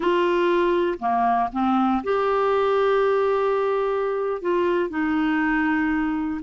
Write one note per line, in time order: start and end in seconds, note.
0.00 0.98 F4
0.99 1.49 A#3
1.52 2.02 C4
2.03 4.41 G4
4.41 4.89 F4
4.89 6.40 D#4